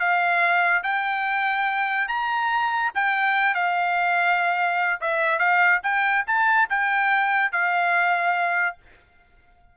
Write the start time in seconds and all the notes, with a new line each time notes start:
0.00 F5
0.84 G5
2.09 A#5
2.95 G5
3.55 F5
5.01 E5
5.39 F5
5.84 G5
6.27 A5
6.70 G5
7.52 F5